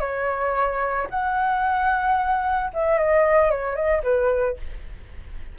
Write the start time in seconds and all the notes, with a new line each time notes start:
0.00 C#5
1.10 F#5
2.74 E5
2.98 D#5
3.50 C#5
3.75 D#5
4.03 B4